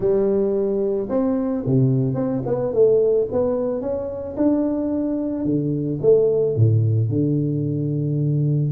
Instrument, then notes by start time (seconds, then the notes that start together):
tuba
0.00 G3
1.09 C4
1.65 C3
2.14 C4
2.46 B3
2.73 A3
3.31 B3
3.81 C#4
4.36 D4
5.44 D3
6.01 A3
6.56 A2
7.09 D3